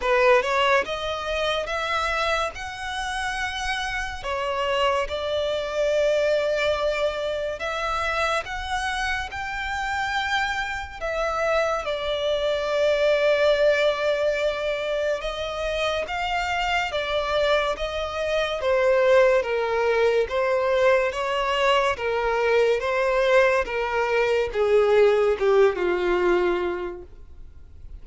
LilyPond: \new Staff \with { instrumentName = "violin" } { \time 4/4 \tempo 4 = 71 b'8 cis''8 dis''4 e''4 fis''4~ | fis''4 cis''4 d''2~ | d''4 e''4 fis''4 g''4~ | g''4 e''4 d''2~ |
d''2 dis''4 f''4 | d''4 dis''4 c''4 ais'4 | c''4 cis''4 ais'4 c''4 | ais'4 gis'4 g'8 f'4. | }